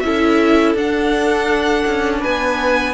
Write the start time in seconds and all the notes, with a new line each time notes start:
0.00 C#4 E4 A4 E5
0.75 D4 F#5
1.86 C#4
2.20 B3 B4 G#5